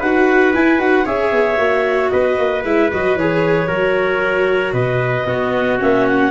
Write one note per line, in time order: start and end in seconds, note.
0.00 0.54 D#4
0.00 0.54 F#4
0.00 1.04 B4
0.00 0.53 F#5
0.54 0.79 E4
0.54 0.80 G#5
0.79 1.05 D#4
0.79 1.05 F#4
0.79 1.06 F#5
1.04 1.31 C#4
1.04 1.57 G#4
1.04 2.10 C#5
1.04 2.10 E5
1.31 1.58 B3
1.57 2.11 A#3
1.57 2.62 F#4
2.10 2.38 B3
2.10 3.68 B4
2.10 2.63 D#5
2.38 2.64 A#3
2.64 2.91 G#3
2.64 2.91 E4
2.64 2.90 E5
2.92 3.16 F#3
2.92 3.19 F#4
2.92 3.17 D#5
3.16 3.68 E3
3.16 3.68 G#4
3.16 4.73 C#5
3.68 4.73 F#3
3.68 5.26 F#4
3.68 4.73 A#4
4.73 5.25 B2
4.73 5.26 B4
4.73 5.79 D#5
5.26 5.78 B3
5.26 5.79 B3
5.26 6.31 F#4
5.79 6.31 A#3
5.79 6.31 C#4
5.79 6.07 E5
6.07 6.31 F#5